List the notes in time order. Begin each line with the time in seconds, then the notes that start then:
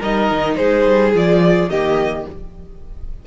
0.00 G3 D#4 A#4 D#5
0.32 D#3
0.57 G#3 G#4 C5
0.86 G3
1.14 F3 F4 D5
1.70 D#3 A#3 G4 D#5